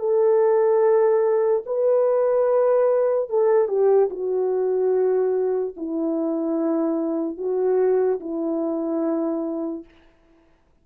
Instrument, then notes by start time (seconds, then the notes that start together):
horn
0.00 A4
1.66 B4
3.30 A4
3.68 G4
4.11 F#4
5.77 E4
7.38 F#4
8.21 E4